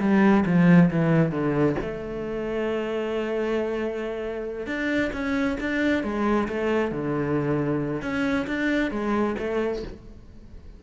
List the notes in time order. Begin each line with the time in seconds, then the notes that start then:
0.00 G3
0.46 F3
0.91 E3
1.32 D3
1.82 A3
4.67 D4
5.13 C#4
5.61 D4
6.04 G#3
6.49 A3
6.92 D3
8.02 C#4
8.47 D4
8.92 G#3
9.39 A3